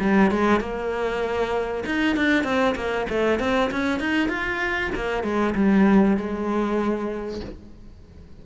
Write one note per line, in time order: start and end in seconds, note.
0.00 0.31 G3
0.31 0.60 G#3
0.60 1.84 A#3
1.86 2.16 D#4
2.16 2.44 D4
2.44 2.75 C4
2.75 3.06 A#3
3.09 3.39 A3
3.39 3.70 C4
3.71 4.00 C#4
4.00 4.28 D#4
4.28 4.90 F4
4.95 5.23 A#3
5.23 5.54 G#3
5.55 6.17 G3
6.17 7.41 G#3